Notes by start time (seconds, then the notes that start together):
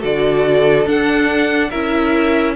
0.00 D3 F#4 A4 D5
0.86 D4 F#5
1.70 C#4 E4 A#4 E5